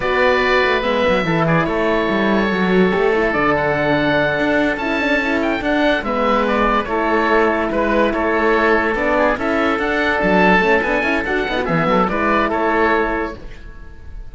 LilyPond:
<<
  \new Staff \with { instrumentName = "oboe" } { \time 4/4 \tempo 4 = 144 d''2 e''4. d''8 | cis''1 | d''8 fis''2. a''8~ | a''4 g''8 fis''4 e''4 d''8~ |
d''8 cis''2 b'4 cis''8~ | cis''4. d''4 e''4 fis''8~ | fis''8 a''4. gis''4 fis''4 | e''4 d''4 cis''2 | }
  \new Staff \with { instrumentName = "oboe" } { \time 4/4 b'2. a'8 gis'8 | a'1~ | a'1~ | a'2~ a'8 b'4.~ |
b'8 a'2 b'4 a'8~ | a'2 gis'8 a'4.~ | a'1 | gis'8 a'8 b'4 a'2 | }
  \new Staff \with { instrumentName = "horn" } { \time 4/4 fis'2 b4 e'4~ | e'2 fis'4 g'8 e'8 | d'2.~ d'8 e'8 | d'8 e'4 d'4 b4.~ |
b8 e'2.~ e'8~ | e'4. d'4 e'4 d'8~ | d'4. cis'8 d'8 e'8 fis'8 dis'16 fis'16 | b4 e'2. | }
  \new Staff \with { instrumentName = "cello" } { \time 4/4 b4. a8 gis8 fis8 e4 | a4 g4 fis4 a4 | d2~ d8 d'4 cis'8~ | cis'4. d'4 gis4.~ |
gis8 a2 gis4 a8~ | a4. b4 cis'4 d'8~ | d'8 fis4 a8 b8 cis'8 d'8 b8 | e8 fis8 gis4 a2 | }
>>